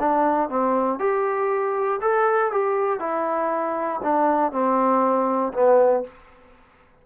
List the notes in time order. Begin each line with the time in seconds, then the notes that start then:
0.00 D4
0.50 C4
0.99 G4
2.01 A4
2.52 G4
3.00 E4
4.03 D4
4.52 C4
5.53 B3